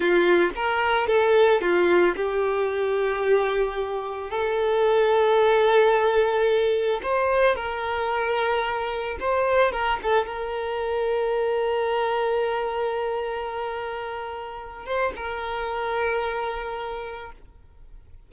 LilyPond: \new Staff \with { instrumentName = "violin" } { \time 4/4 \tempo 4 = 111 f'4 ais'4 a'4 f'4 | g'1 | a'1~ | a'4 c''4 ais'2~ |
ais'4 c''4 ais'8 a'8 ais'4~ | ais'1~ | ais'2.~ ais'8 c''8 | ais'1 | }